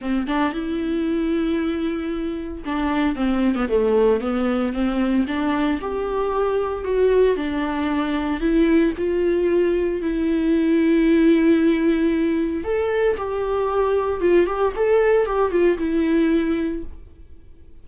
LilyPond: \new Staff \with { instrumentName = "viola" } { \time 4/4 \tempo 4 = 114 c'8 d'8 e'2.~ | e'4 d'4 c'8. b16 a4 | b4 c'4 d'4 g'4~ | g'4 fis'4 d'2 |
e'4 f'2 e'4~ | e'1 | a'4 g'2 f'8 g'8 | a'4 g'8 f'8 e'2 | }